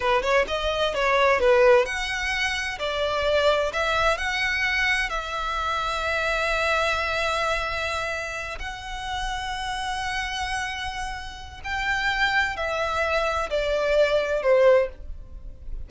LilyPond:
\new Staff \with { instrumentName = "violin" } { \time 4/4 \tempo 4 = 129 b'8 cis''8 dis''4 cis''4 b'4 | fis''2 d''2 | e''4 fis''2 e''4~ | e''1~ |
e''2~ e''8 fis''4.~ | fis''1~ | fis''4 g''2 e''4~ | e''4 d''2 c''4 | }